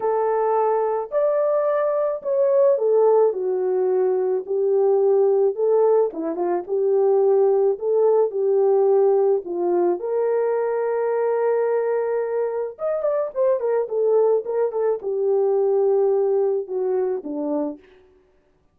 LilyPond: \new Staff \with { instrumentName = "horn" } { \time 4/4 \tempo 4 = 108 a'2 d''2 | cis''4 a'4 fis'2 | g'2 a'4 e'8 f'8 | g'2 a'4 g'4~ |
g'4 f'4 ais'2~ | ais'2. dis''8 d''8 | c''8 ais'8 a'4 ais'8 a'8 g'4~ | g'2 fis'4 d'4 | }